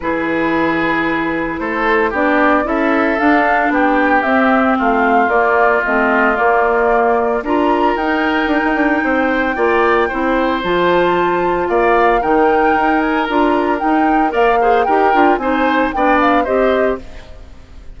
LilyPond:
<<
  \new Staff \with { instrumentName = "flute" } { \time 4/4 \tempo 4 = 113 b'2. c''4 | d''4 e''4 f''4 g''4 | e''4 f''4 d''4 dis''4 | d''2 ais''4 g''4~ |
g''1 | a''2 f''4 g''4~ | g''8 gis''8 ais''4 g''4 f''4 | g''4 gis''4 g''8 f''8 dis''4 | }
  \new Staff \with { instrumentName = "oboe" } { \time 4/4 gis'2. a'4 | g'4 a'2 g'4~ | g'4 f'2.~ | f'2 ais'2~ |
ais'4 c''4 d''4 c''4~ | c''2 d''4 ais'4~ | ais'2. d''8 c''8 | ais'4 c''4 d''4 c''4 | }
  \new Staff \with { instrumentName = "clarinet" } { \time 4/4 e'1 | d'4 e'4 d'2 | c'2 ais4 c'4 | ais2 f'4 dis'4~ |
dis'2 f'4 e'4 | f'2. dis'4~ | dis'4 f'4 dis'4 ais'8 gis'8 | g'8 f'8 dis'4 d'4 g'4 | }
  \new Staff \with { instrumentName = "bassoon" } { \time 4/4 e2. a4 | b4 cis'4 d'4 b4 | c'4 a4 ais4 a4 | ais2 d'4 dis'4 |
d'16 dis'16 d'8 c'4 ais4 c'4 | f2 ais4 dis4 | dis'4 d'4 dis'4 ais4 | dis'8 d'8 c'4 b4 c'4 | }
>>